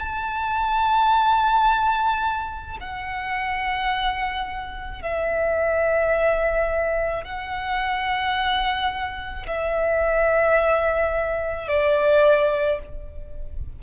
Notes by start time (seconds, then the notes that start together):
0.00 A5
2.81 F#5
5.03 E5
7.25 F#5
9.47 E5
11.68 D5